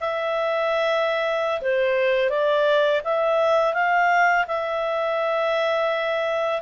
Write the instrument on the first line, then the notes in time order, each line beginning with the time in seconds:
clarinet
0.00 E5
1.61 C5
2.30 D5
3.04 E5
3.74 F5
4.47 E5